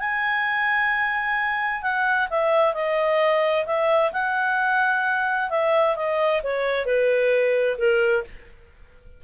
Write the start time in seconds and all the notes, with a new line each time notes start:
0.00 G#5
1.83 F#5
2.30 E5
2.75 D#5
3.66 E5
4.13 F#5
5.51 E5
5.96 D#5
6.44 C#5
6.86 B4
7.78 A#4